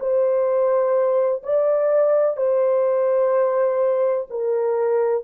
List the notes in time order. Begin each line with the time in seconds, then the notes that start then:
0.00 C5
1.44 D5
2.37 C5
4.30 A#4